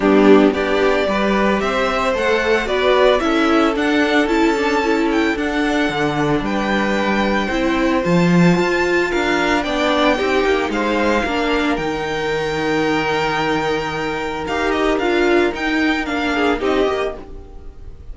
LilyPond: <<
  \new Staff \with { instrumentName = "violin" } { \time 4/4 \tempo 4 = 112 g'4 d''2 e''4 | fis''4 d''4 e''4 fis''4 | a''4. g''8 fis''2 | g''2. a''4~ |
a''4 f''4 g''2 | f''2 g''2~ | g''2. f''8 dis''8 | f''4 g''4 f''4 dis''4 | }
  \new Staff \with { instrumentName = "violin" } { \time 4/4 d'4 g'4 b'4 c''4~ | c''4 b'4 a'2~ | a'1 | b'2 c''2~ |
c''4 ais'4 d''4 g'4 | c''4 ais'2.~ | ais'1~ | ais'2~ ais'8 gis'8 g'4 | }
  \new Staff \with { instrumentName = "viola" } { \time 4/4 b4 d'4 g'2 | a'4 fis'4 e'4 d'4 | e'8 d'8 e'4 d'2~ | d'2 e'4 f'4~ |
f'2 d'4 dis'4~ | dis'4 d'4 dis'2~ | dis'2. g'4 | f'4 dis'4 d'4 dis'8 g'8 | }
  \new Staff \with { instrumentName = "cello" } { \time 4/4 g4 b4 g4 c'4 | a4 b4 cis'4 d'4 | cis'2 d'4 d4 | g2 c'4 f4 |
f'4 d'4 b4 c'8 ais8 | gis4 ais4 dis2~ | dis2. dis'4 | d'4 dis'4 ais4 c'8 ais8 | }
>>